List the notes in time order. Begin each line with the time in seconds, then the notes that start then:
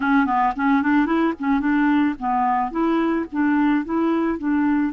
0.00 C#4
0.26 B3
0.56 C#4
0.82 D4
1.06 E4
1.39 C#4
1.60 D4
2.19 B3
2.71 E4
3.31 D4
3.85 E4
4.38 D4